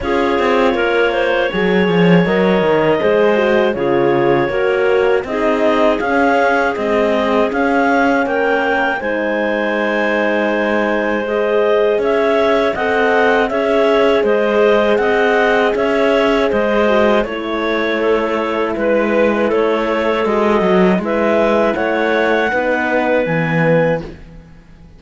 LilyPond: <<
  \new Staff \with { instrumentName = "clarinet" } { \time 4/4 \tempo 4 = 80 cis''2. dis''4~ | dis''4 cis''2 dis''4 | f''4 dis''4 f''4 g''4 | gis''2. dis''4 |
e''4 fis''4 e''4 dis''4 | fis''4 e''4 dis''4 cis''4~ | cis''4 b'4 cis''4 dis''4 | e''4 fis''2 gis''4 | }
  \new Staff \with { instrumentName = "clarinet" } { \time 4/4 gis'4 ais'8 c''8 cis''2 | c''4 gis'4 ais'4 gis'4~ | gis'2. ais'4 | c''1 |
cis''4 dis''4 cis''4 c''4 | dis''4 cis''4 c''4 cis''4 | a'4 b'4 a'2 | b'4 cis''4 b'2 | }
  \new Staff \with { instrumentName = "horn" } { \time 4/4 f'2 gis'4 ais'4 | gis'8 fis'8 f'4 fis'4 dis'4 | cis'4 gis4 cis'2 | dis'2. gis'4~ |
gis'4 a'4 gis'2~ | gis'2~ gis'8 fis'8 e'4~ | e'2. fis'4 | e'2 dis'4 b4 | }
  \new Staff \with { instrumentName = "cello" } { \time 4/4 cis'8 c'8 ais4 fis8 f8 fis8 dis8 | gis4 cis4 ais4 c'4 | cis'4 c'4 cis'4 ais4 | gis1 |
cis'4 c'4 cis'4 gis4 | c'4 cis'4 gis4 a4~ | a4 gis4 a4 gis8 fis8 | gis4 a4 b4 e4 | }
>>